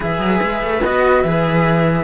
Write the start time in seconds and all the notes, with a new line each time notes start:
0.00 E3 G#4 B4 E5
0.19 F#3
0.42 G#3
0.62 A3
0.82 B3 F#4 D#5
1.21 E3 G#4 E5